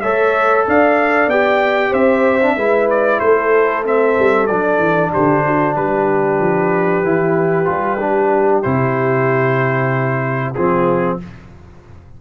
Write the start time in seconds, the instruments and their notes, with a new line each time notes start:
0.00 tuba A3, trombone A4, horn C#5, trumpet E5
0.66 tuba D4, horn D5, trumpet F5
1.27 tuba B3, trombone G4, trumpet G5
1.89 tuba C4, horn C5, trumpet E5
2.41 trombone D4
2.56 tuba G#3, trombone E4, horn B4
2.90 trumpet D5
3.19 tuba A3, horn A4, trumpet C5
3.84 trombone C4, trumpet E5
4.18 tuba G3
4.46 tuba F#3, trombone D4, trumpet D5
4.78 tuba E3
5.12 tuba D3, horn G4, trumpet C5
5.45 horn F#4
5.74 tuba G3, horn G4, trumpet B4
6.39 tuba F3
7.03 tuba E3, trombone E4
7.65 tuba G3, trombone F4
8.00 trombone D4
8.62 tuba C3, trombone E4, trumpet C5
10.54 tuba F3, trombone C4, horn F4, trumpet G#4